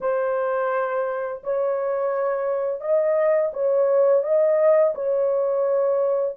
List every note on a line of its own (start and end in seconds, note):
0.00 1.41 C5
1.43 2.80 C#5
2.80 3.51 D#5
3.53 4.23 C#5
4.23 4.94 D#5
4.94 6.36 C#5